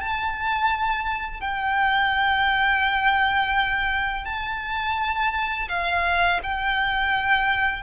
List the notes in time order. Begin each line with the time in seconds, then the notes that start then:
0.00 A5
1.41 G5
4.25 A5
5.69 F5
6.43 G5